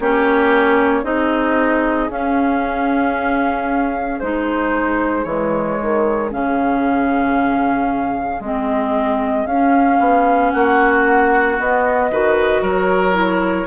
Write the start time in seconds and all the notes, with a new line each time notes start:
0.00 A#3 C#4 G4 C#5
1.04 C4 D#4 G#4 D#5
2.10 C#4 F5
4.20 G#3 D#4 C5
5.24 E3 G#3 C#5
5.82 D#3
6.31 C#3 C#4 F5
8.40 G#3 C4 D#5
9.46 C#4 F5
10.00 B3
10.51 A#3 F#4 F#5
11.58 B3 D#5
12.11 D#3 F#4 B4
12.62 F#3 A#4 C#5
13.13 E4